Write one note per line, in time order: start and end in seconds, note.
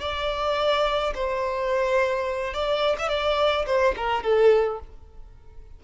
0.00 1.13 D5
1.14 2.54 C5
2.54 2.96 D5
2.99 3.08 E5
3.08 3.65 D5
3.66 3.94 C5
3.96 4.23 A#4
4.23 4.80 A4